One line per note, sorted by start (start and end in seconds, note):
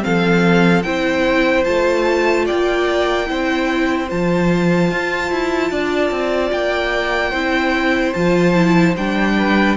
0.00 0.84 F3
0.00 0.81 C4
0.00 0.85 A4
0.00 0.82 F5
0.82 1.65 C4
0.82 1.64 E4
0.82 2.45 C5
0.82 1.63 G5
1.64 2.49 A3
1.64 3.26 F4
1.64 2.45 A5
2.45 3.30 A#3
2.45 3.27 D5
2.45 4.09 G5
3.26 4.11 C4
3.26 4.07 E4
3.26 5.71 C5
4.08 4.91 F3
4.08 7.33 F4
4.08 6.51 A5
4.91 5.31 F4
5.31 5.71 E4
5.71 6.11 D4
5.71 7.30 D5
6.11 6.51 C4
6.51 7.32 A#3
6.51 8.13 G5
7.30 8.13 C4
7.30 8.14 E4
7.30 9.32 C5
8.13 8.96 F3
8.13 8.55 F4
8.13 8.94 A5
8.55 8.95 E4
8.96 9.77 G3
8.96 9.77 D4
8.96 9.77 G5
9.36 9.77 B4